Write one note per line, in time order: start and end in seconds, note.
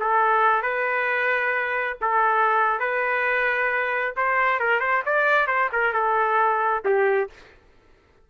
0.00 0.63 A4
0.63 1.98 B4
2.01 2.80 A4
2.80 4.15 B4
4.17 4.60 C5
4.60 4.80 A#4
4.80 5.03 C5
5.06 5.47 D5
5.47 5.70 C5
5.73 5.93 A#4
5.93 6.84 A4
6.85 7.30 G4